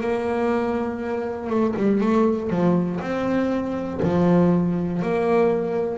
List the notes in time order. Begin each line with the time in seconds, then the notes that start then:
0.00 A#3
1.49 A3
1.76 G3
2.00 A3
2.50 F3
3.00 C4
4.02 F3
5.02 A#3